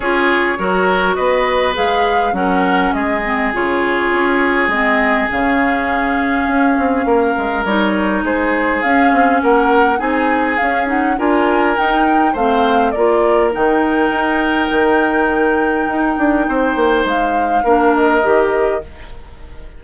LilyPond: <<
  \new Staff \with { instrumentName = "flute" } { \time 4/4 \tempo 4 = 102 cis''2 dis''4 f''4 | fis''4 dis''4 cis''2 | dis''4 f''2.~ | f''4 cis''4 c''4 f''4 |
fis''4 gis''4 f''8 fis''8 gis''4 | g''4 f''4 d''4 g''4~ | g''1~ | g''4 f''4. dis''4. | }
  \new Staff \with { instrumentName = "oboe" } { \time 4/4 gis'4 ais'4 b'2 | ais'4 gis'2.~ | gis'1 | ais'2 gis'2 |
ais'4 gis'2 ais'4~ | ais'4 c''4 ais'2~ | ais'1 | c''2 ais'2 | }
  \new Staff \with { instrumentName = "clarinet" } { \time 4/4 f'4 fis'2 gis'4 | cis'4. c'8 f'2 | c'4 cis'2.~ | cis'4 dis'2 cis'4~ |
cis'4 dis'4 cis'8 dis'8 f'4 | dis'4 c'4 f'4 dis'4~ | dis'1~ | dis'2 d'4 g'4 | }
  \new Staff \with { instrumentName = "bassoon" } { \time 4/4 cis'4 fis4 b4 gis4 | fis4 gis4 cis4 cis'4 | gis4 cis2 cis'8 c'8 | ais8 gis8 g4 gis4 cis'8 c'8 |
ais4 c'4 cis'4 d'4 | dis'4 a4 ais4 dis4 | dis'4 dis2 dis'8 d'8 | c'8 ais8 gis4 ais4 dis4 | }
>>